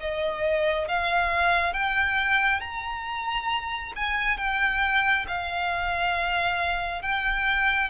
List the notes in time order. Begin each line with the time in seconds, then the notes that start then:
0.00 D#5
0.88 F5
1.73 G5
2.60 A#5
3.96 G#5
4.38 G5
5.27 F5
7.02 G5